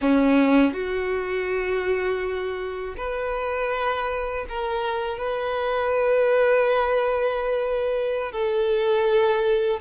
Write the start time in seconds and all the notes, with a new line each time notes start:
0.01 C#4
0.73 F#4
2.97 B4
4.48 A#4
5.18 B4
8.32 A4